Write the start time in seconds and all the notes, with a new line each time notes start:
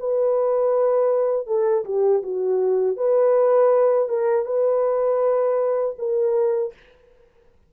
0.00 B4
1.47 A4
1.85 G4
2.23 F#4
2.97 B4
4.09 A#4
4.46 B4
5.99 A#4